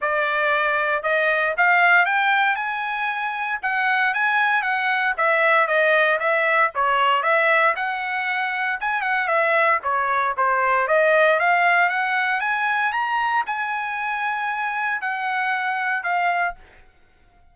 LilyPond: \new Staff \with { instrumentName = "trumpet" } { \time 4/4 \tempo 4 = 116 d''2 dis''4 f''4 | g''4 gis''2 fis''4 | gis''4 fis''4 e''4 dis''4 | e''4 cis''4 e''4 fis''4~ |
fis''4 gis''8 fis''8 e''4 cis''4 | c''4 dis''4 f''4 fis''4 | gis''4 ais''4 gis''2~ | gis''4 fis''2 f''4 | }